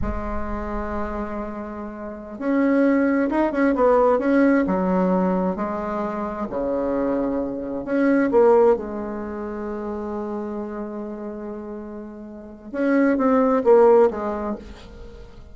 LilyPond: \new Staff \with { instrumentName = "bassoon" } { \time 4/4 \tempo 4 = 132 gis1~ | gis4~ gis16 cis'2 dis'8 cis'16~ | cis'16 b4 cis'4 fis4.~ fis16~ | fis16 gis2 cis4.~ cis16~ |
cis4~ cis16 cis'4 ais4 gis8.~ | gis1~ | gis1 | cis'4 c'4 ais4 gis4 | }